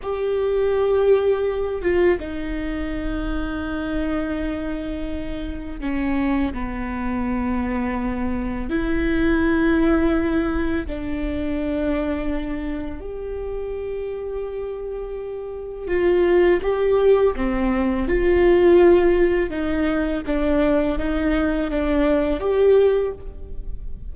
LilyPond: \new Staff \with { instrumentName = "viola" } { \time 4/4 \tempo 4 = 83 g'2~ g'8 f'8 dis'4~ | dis'1 | cis'4 b2. | e'2. d'4~ |
d'2 g'2~ | g'2 f'4 g'4 | c'4 f'2 dis'4 | d'4 dis'4 d'4 g'4 | }